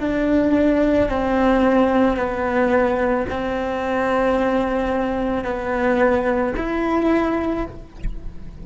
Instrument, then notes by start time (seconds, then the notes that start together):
cello
0.00 D4
1.09 C4
2.16 B3
3.30 C4
5.44 B3
6.57 E4